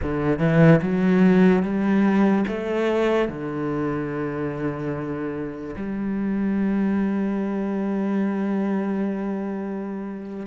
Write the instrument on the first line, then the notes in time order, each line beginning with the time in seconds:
cello
0.02 D3
0.38 E3
0.82 F#3
1.62 G3
2.47 A3
3.28 D3
5.76 G3